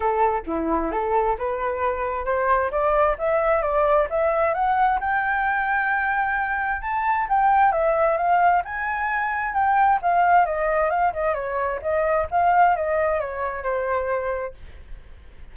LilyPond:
\new Staff \with { instrumentName = "flute" } { \time 4/4 \tempo 4 = 132 a'4 e'4 a'4 b'4~ | b'4 c''4 d''4 e''4 | d''4 e''4 fis''4 g''4~ | g''2. a''4 |
g''4 e''4 f''4 gis''4~ | gis''4 g''4 f''4 dis''4 | f''8 dis''8 cis''4 dis''4 f''4 | dis''4 cis''4 c''2 | }